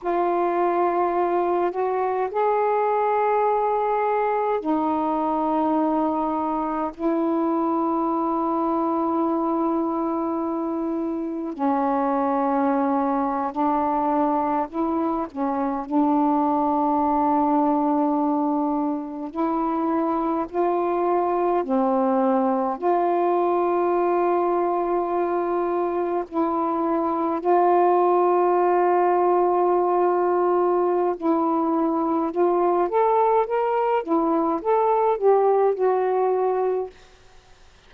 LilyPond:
\new Staff \with { instrumentName = "saxophone" } { \time 4/4 \tempo 4 = 52 f'4. fis'8 gis'2 | dis'2 e'2~ | e'2 cis'4.~ cis'16 d'16~ | d'8. e'8 cis'8 d'2~ d'16~ |
d'8. e'4 f'4 c'4 f'16~ | f'2~ f'8. e'4 f'16~ | f'2. e'4 | f'8 a'8 ais'8 e'8 a'8 g'8 fis'4 | }